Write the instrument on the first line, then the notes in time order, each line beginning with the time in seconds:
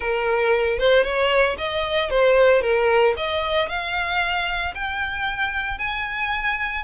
violin
0.00 A#4
0.78 C5
1.03 C#5
1.58 D#5
2.10 C5
2.61 A#4
3.16 D#5
3.68 F5
4.74 G5
5.78 G#5